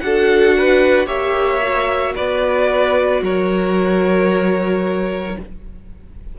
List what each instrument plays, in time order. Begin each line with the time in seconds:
0.00 cello D4, viola F#4, violin A4 F#5
0.57 violin B4
1.06 cello A#3, viola G4, violin C#5 E5
1.62 viola F#4
2.15 cello B3, violin B4 D5
3.22 cello F#3, violin A#4 C#5